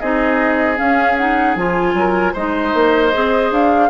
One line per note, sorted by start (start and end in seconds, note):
0.00 0.79 C4
0.00 0.77 D#4
0.00 1.95 G#4
0.00 0.78 D#5
0.77 1.16 C#4
0.77 1.56 C#4
0.77 1.17 F5
1.17 1.57 D#4
1.17 1.56 F#5
1.56 1.94 F3
1.56 2.35 F4
1.56 2.35 G#5
1.94 2.33 F#3
1.94 2.33 A#4
2.33 2.74 G#3
2.33 3.13 D#4
2.33 3.89 C5
2.33 3.53 D#5
2.74 3.13 A#3
3.13 3.51 C4
3.13 3.90 G#4
3.51 3.90 D4
3.51 3.90 F5